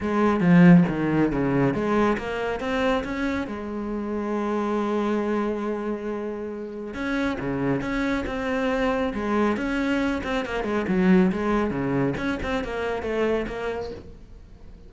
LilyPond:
\new Staff \with { instrumentName = "cello" } { \time 4/4 \tempo 4 = 138 gis4 f4 dis4 cis4 | gis4 ais4 c'4 cis'4 | gis1~ | gis1 |
cis'4 cis4 cis'4 c'4~ | c'4 gis4 cis'4. c'8 | ais8 gis8 fis4 gis4 cis4 | cis'8 c'8 ais4 a4 ais4 | }